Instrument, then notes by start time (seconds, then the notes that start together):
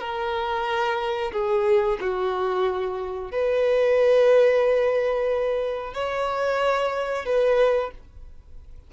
violin
0.00 A#4
1.32 G#4
2.00 F#4
3.31 B4
5.94 C#5
7.25 B4